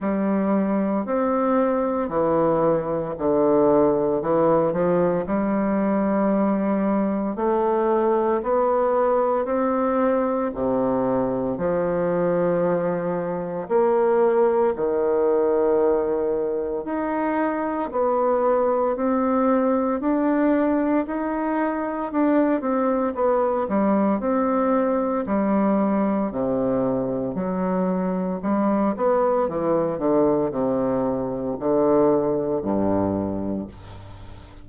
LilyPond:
\new Staff \with { instrumentName = "bassoon" } { \time 4/4 \tempo 4 = 57 g4 c'4 e4 d4 | e8 f8 g2 a4 | b4 c'4 c4 f4~ | f4 ais4 dis2 |
dis'4 b4 c'4 d'4 | dis'4 d'8 c'8 b8 g8 c'4 | g4 c4 fis4 g8 b8 | e8 d8 c4 d4 g,4 | }